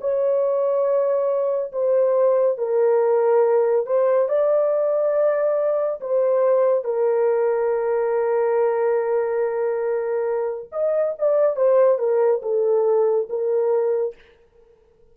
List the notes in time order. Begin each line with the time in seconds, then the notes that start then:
0.00 C#5
1.72 C5
2.58 A#4
3.86 C5
4.28 D5
6.00 C5
6.84 A#4
10.71 D#5
11.18 D5
11.56 C5
11.98 A#4
12.42 A4
13.29 A#4